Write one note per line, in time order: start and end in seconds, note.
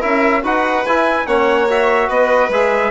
0.00 0.44 C#4
0.00 0.42 E4
0.00 0.41 A#4
0.00 0.44 E5
0.43 0.85 D#4
0.43 0.84 F#4
0.43 1.26 B4
0.43 0.85 F#5
0.85 1.26 E4
0.85 1.26 G#5
1.26 2.09 A#3
1.26 1.68 C#4
1.26 2.08 C#5
1.26 1.68 F#5
1.68 2.51 F#4
1.68 2.10 E5
2.08 2.49 B3
2.08 2.90 B4
2.08 2.51 D#5
2.49 2.90 G#3
2.49 2.90 G#4
2.49 2.90 E5